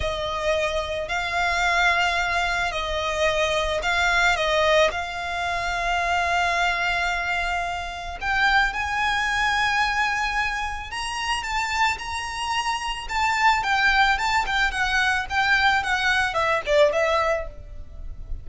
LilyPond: \new Staff \with { instrumentName = "violin" } { \time 4/4 \tempo 4 = 110 dis''2 f''2~ | f''4 dis''2 f''4 | dis''4 f''2.~ | f''2. g''4 |
gis''1 | ais''4 a''4 ais''2 | a''4 g''4 a''8 g''8 fis''4 | g''4 fis''4 e''8 d''8 e''4 | }